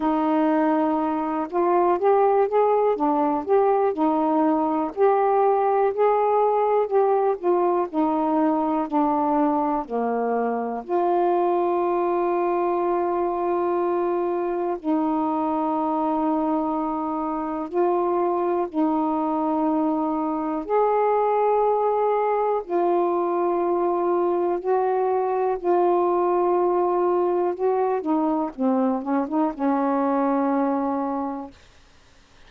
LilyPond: \new Staff \with { instrumentName = "saxophone" } { \time 4/4 \tempo 4 = 61 dis'4. f'8 g'8 gis'8 d'8 g'8 | dis'4 g'4 gis'4 g'8 f'8 | dis'4 d'4 ais4 f'4~ | f'2. dis'4~ |
dis'2 f'4 dis'4~ | dis'4 gis'2 f'4~ | f'4 fis'4 f'2 | fis'8 dis'8 c'8 cis'16 dis'16 cis'2 | }